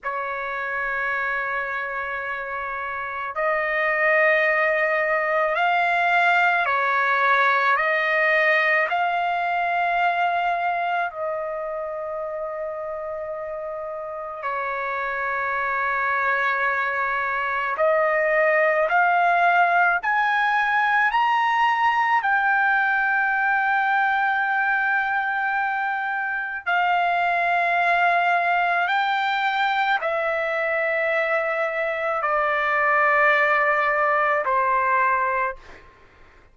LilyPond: \new Staff \with { instrumentName = "trumpet" } { \time 4/4 \tempo 4 = 54 cis''2. dis''4~ | dis''4 f''4 cis''4 dis''4 | f''2 dis''2~ | dis''4 cis''2. |
dis''4 f''4 gis''4 ais''4 | g''1 | f''2 g''4 e''4~ | e''4 d''2 c''4 | }